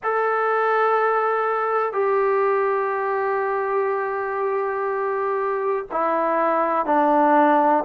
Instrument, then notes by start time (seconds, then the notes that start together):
trombone
0.03 A4
1.92 G4
5.91 E4
6.85 D4